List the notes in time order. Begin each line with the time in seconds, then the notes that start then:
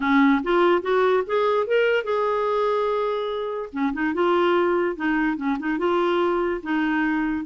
0.00 C#4
0.43 F4
0.82 F#4
1.26 G#4
1.66 A#4
2.04 G#4
3.72 C#4
3.93 D#4
4.14 F4
4.96 D#4
5.37 C#4
5.59 D#4
5.78 F4
6.63 D#4